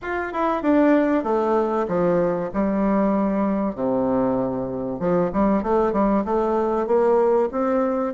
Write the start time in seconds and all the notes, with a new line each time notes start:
0.02 F4
0.32 E4
0.62 D4
1.23 A3
1.88 F3
2.53 G3
3.75 C3
4.99 F3
5.33 G3
5.62 A3
5.92 G3
6.24 A3
6.86 A#3
7.51 C4